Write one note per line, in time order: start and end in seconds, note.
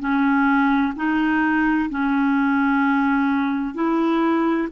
0.00 0.94 C#4
0.96 1.90 D#4
1.90 3.75 C#4
3.75 4.68 E4